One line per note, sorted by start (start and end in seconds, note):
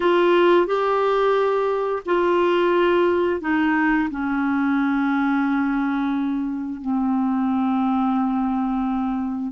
0.00 0.66 F4
0.66 2.02 G4
2.05 3.41 F4
3.41 4.09 D#4
4.10 6.81 C#4
6.81 9.52 C4